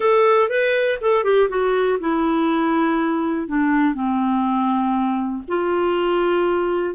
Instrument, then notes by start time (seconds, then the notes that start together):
clarinet
0.00 A4
0.49 B4
1.01 A4
1.24 G4
1.49 F#4
2.00 E4
3.47 D4
3.94 C4
5.48 F4